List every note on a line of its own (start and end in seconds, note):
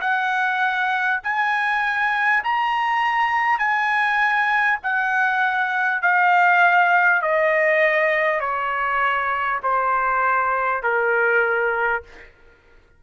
0.00 1.20 F#5
1.23 2.43 G#5
2.43 3.58 A#5
3.58 4.78 G#5
4.83 6.02 F#5
6.02 7.21 F5
7.21 8.40 D#5
8.40 9.60 C#5
9.63 10.83 C5
10.83 12.03 A#4